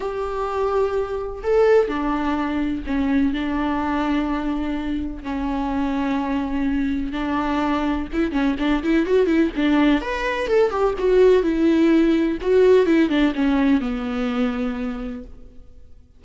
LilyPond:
\new Staff \with { instrumentName = "viola" } { \time 4/4 \tempo 4 = 126 g'2. a'4 | d'2 cis'4 d'4~ | d'2. cis'4~ | cis'2. d'4~ |
d'4 e'8 cis'8 d'8 e'8 fis'8 e'8 | d'4 b'4 a'8 g'8 fis'4 | e'2 fis'4 e'8 d'8 | cis'4 b2. | }